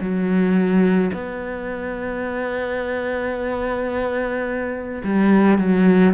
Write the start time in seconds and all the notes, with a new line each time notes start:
0.00 F#3
1.13 B3
5.04 G3
5.58 F#3